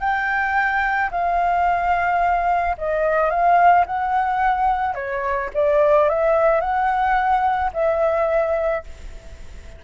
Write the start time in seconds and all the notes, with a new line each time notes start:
0.00 G5
1.11 F5
2.78 D#5
3.30 F5
3.86 F#5
4.95 C#5
5.54 D5
6.09 E5
6.61 F#5
7.73 E5